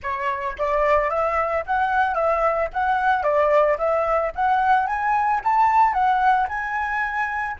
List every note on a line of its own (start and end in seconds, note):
0.02 0.57 C#5
0.58 1.10 D5
1.10 1.64 E5
1.66 2.14 F#5
2.14 2.69 E5
2.73 3.23 F#5
3.23 3.77 D5
3.77 4.31 E5
4.35 4.86 F#5
4.86 5.41 G#5
5.43 5.93 A5
5.93 6.47 F#5
6.48 7.56 G#5